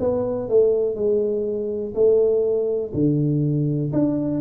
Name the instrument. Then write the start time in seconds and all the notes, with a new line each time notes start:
tuba
0.00 B3
0.49 A3
0.96 G#3
1.95 A3
2.94 D3
3.93 D4